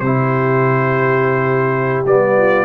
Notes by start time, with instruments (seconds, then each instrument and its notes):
0.00 tuba C3, trombone E4, horn G4, trumpet C5
2.06 tuba G3, trombone B3, trumpet D5
2.37 horn F4